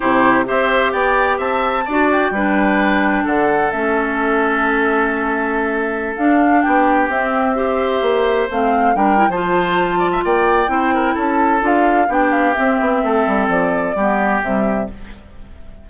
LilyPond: <<
  \new Staff \with { instrumentName = "flute" } { \time 4/4 \tempo 4 = 129 c''4 e''4 g''4 a''4~ | a''8 g''2~ g''8 fis''4 | e''1~ | e''4~ e''16 f''4 g''4 e''8.~ |
e''2~ e''16 f''4 g''8. | a''2 g''2 | a''4 f''4 g''8 f''8 e''4~ | e''4 d''2 e''4 | }
  \new Staff \with { instrumentName = "oboe" } { \time 4/4 g'4 c''4 d''4 e''4 | d''4 b'2 a'4~ | a'1~ | a'2~ a'16 g'4.~ g'16~ |
g'16 c''2. ais'8. | c''4. d''16 e''16 d''4 c''8 ais'8 | a'2 g'2 | a'2 g'2 | }
  \new Staff \with { instrumentName = "clarinet" } { \time 4/4 e'4 g'2. | fis'4 d'2. | cis'1~ | cis'4~ cis'16 d'2 c'8.~ |
c'16 g'2 c'4 d'8 e'16 | f'2. e'4~ | e'4 f'4 d'4 c'4~ | c'2 b4 g4 | }
  \new Staff \with { instrumentName = "bassoon" } { \time 4/4 c4 c'4 b4 c'4 | d'4 g2 d4 | a1~ | a4~ a16 d'4 b4 c'8.~ |
c'4~ c'16 ais4 a4 g8. | f2 ais4 c'4 | cis'4 d'4 b4 c'8 b8 | a8 g8 f4 g4 c4 | }
>>